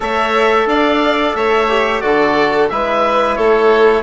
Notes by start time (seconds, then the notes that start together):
0.00 A3 A4 C#5 E5
0.66 D4 D5 F5
1.34 A3 C#5 E5
1.69 G4
2.00 D3 F#4 A4 D5
2.69 G#3 E4 B4 E5
3.35 A3 A4 C#5